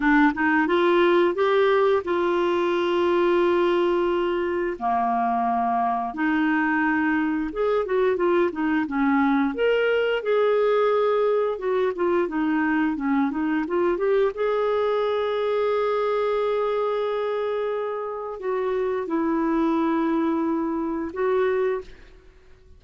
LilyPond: \new Staff \with { instrumentName = "clarinet" } { \time 4/4 \tempo 4 = 88 d'8 dis'8 f'4 g'4 f'4~ | f'2. ais4~ | ais4 dis'2 gis'8 fis'8 | f'8 dis'8 cis'4 ais'4 gis'4~ |
gis'4 fis'8 f'8 dis'4 cis'8 dis'8 | f'8 g'8 gis'2.~ | gis'2. fis'4 | e'2. fis'4 | }